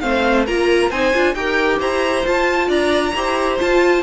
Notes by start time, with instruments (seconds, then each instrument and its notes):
0.00 cello A3, viola C4, violin C5 F5
0.45 cello A#3, viola F4, violin A#4 A#5
0.89 cello C4, viola D#4, violin C5 G#5
1.14 cello D4, viola F4
1.34 cello D#4, viola G4, violin A#4 G5
1.78 cello E4, violin C5 A#5
2.24 viola F4, cello F4, violin A5
2.67 cello D4, violin D5 A#5
3.15 cello E4, viola G4, violin C5
3.58 viola F4, cello F4, violin A5